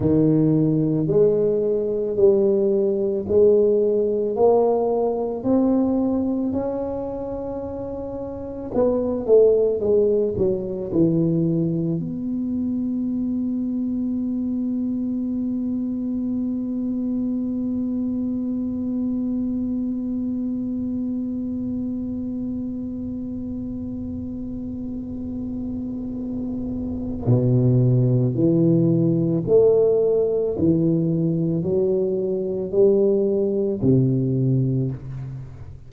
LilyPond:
\new Staff \with { instrumentName = "tuba" } { \time 4/4 \tempo 4 = 55 dis4 gis4 g4 gis4 | ais4 c'4 cis'2 | b8 a8 gis8 fis8 e4 b4~ | b1~ |
b1~ | b1~ | b4 b,4 e4 a4 | e4 fis4 g4 c4 | }